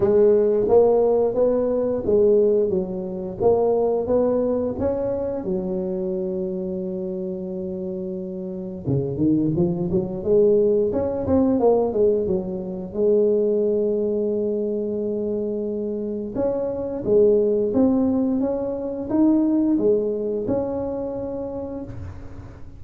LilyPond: \new Staff \with { instrumentName = "tuba" } { \time 4/4 \tempo 4 = 88 gis4 ais4 b4 gis4 | fis4 ais4 b4 cis'4 | fis1~ | fis4 cis8 dis8 f8 fis8 gis4 |
cis'8 c'8 ais8 gis8 fis4 gis4~ | gis1 | cis'4 gis4 c'4 cis'4 | dis'4 gis4 cis'2 | }